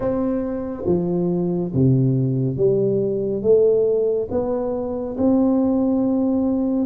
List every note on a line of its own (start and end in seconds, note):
0.00 0.83 C4
0.85 1.71 F3
1.74 2.56 C3
2.56 3.42 G3
3.42 4.28 A3
4.31 5.16 B3
5.17 6.85 C4